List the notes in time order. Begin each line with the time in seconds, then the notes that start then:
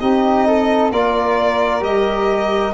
0.00 C4 D#4 G4 D#5
0.47 A4
0.91 A#3 F4 A#4 D5
1.80 G3 G4 D#5